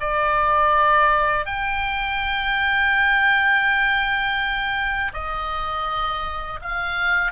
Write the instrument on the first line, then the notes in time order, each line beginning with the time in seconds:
oboe
0.00 D5
1.46 G5
5.13 D#5
6.62 F5